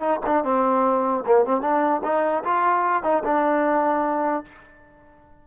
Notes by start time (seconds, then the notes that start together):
0.00 D#4
0.26 D4
0.44 C4
1.26 A#3
1.45 C4
1.61 D4
2.03 D#4
2.44 F4
3.03 D#4
3.24 D4